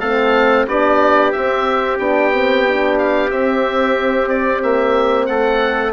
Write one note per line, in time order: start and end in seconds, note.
0.00 0.67 A3
0.00 0.68 C4
0.00 0.66 A4
0.00 0.66 F5
0.67 1.33 B3
0.67 1.34 D4
0.67 5.29 G4
0.67 1.32 D5
1.32 2.00 C4
1.32 1.99 C4
1.32 1.98 E5
1.99 3.31 B3
1.99 2.33 D4
1.99 2.98 G5
2.33 2.66 C4
2.68 3.30 D4
2.99 3.30 F5
3.30 5.93 C4
3.30 4.62 C4
3.30 4.29 E5
4.29 4.62 D5
4.63 5.29 A#3
4.63 5.26 E5
5.26 5.93 A3
5.26 5.93 A4
5.26 5.92 F#5